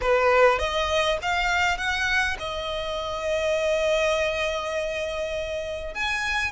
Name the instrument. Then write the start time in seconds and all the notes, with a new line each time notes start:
violin
0.01 B4
0.58 D#5
1.22 F5
1.77 F#5
2.39 D#5
5.94 G#5